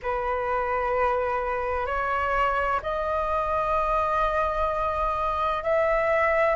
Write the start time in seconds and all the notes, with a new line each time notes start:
0.02 B4
1.86 C#5
2.82 D#5
5.62 E5